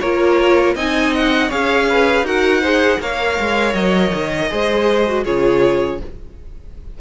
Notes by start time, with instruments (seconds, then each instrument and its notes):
0.00 cello A#3, viola F4, violin A#4 C#5
0.75 cello C4, viola D#4, violin D#5 G#5
1.15 violin F#5
1.49 cello C#4, viola G#4, violin C#5 F5
1.89 violin B4
2.22 cello D#4, viola F#4, violin A#4 F#5
2.61 viola G#4, violin C5
3.00 cello A#3, viola A#4, violin C#5 F5
3.40 cello G#3
3.74 cello F#3, violin D#5
4.14 cello D#3
4.50 cello G#3, viola G#4, violin C5
5.07 viola F#4
5.24 cello C#3, viola F4, violin G#4 C#5